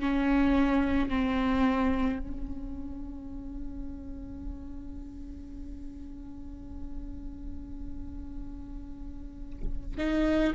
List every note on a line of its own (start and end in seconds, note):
0.00 1.10 C#4
1.10 2.20 C4
2.20 9.97 C#4
9.98 10.54 D#4